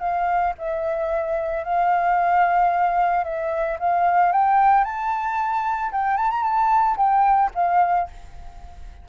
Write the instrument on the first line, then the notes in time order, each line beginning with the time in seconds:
flute
0.00 F5
0.58 E5
1.64 F5
3.24 E5
3.80 F5
4.32 G5
4.84 A5
5.92 G5
6.17 A5
6.31 A#5
6.43 A5
6.97 G5
7.55 F5